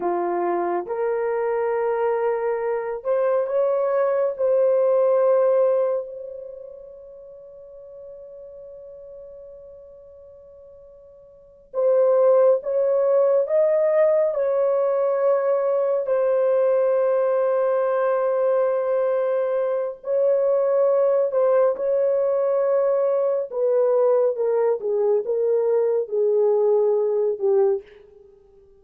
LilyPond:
\new Staff \with { instrumentName = "horn" } { \time 4/4 \tempo 4 = 69 f'4 ais'2~ ais'8 c''8 | cis''4 c''2 cis''4~ | cis''1~ | cis''4. c''4 cis''4 dis''8~ |
dis''8 cis''2 c''4.~ | c''2. cis''4~ | cis''8 c''8 cis''2 b'4 | ais'8 gis'8 ais'4 gis'4. g'8 | }